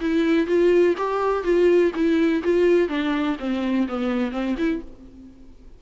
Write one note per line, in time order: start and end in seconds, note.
0.00 0.46 E4
0.46 0.94 F4
0.97 1.43 G4
1.43 1.91 F4
1.94 2.42 E4
2.43 2.88 F4
2.88 3.36 D4
3.39 3.87 C4
3.88 4.31 B3
4.31 4.55 C4
4.57 4.81 E4